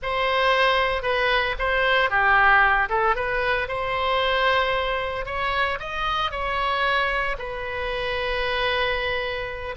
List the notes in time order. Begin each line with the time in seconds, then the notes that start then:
0.02 C5
1.02 B4
1.58 C5
2.09 G4
2.89 A4
3.15 B4
3.68 C5
5.25 C#5
5.79 D#5
6.31 C#5
7.38 B4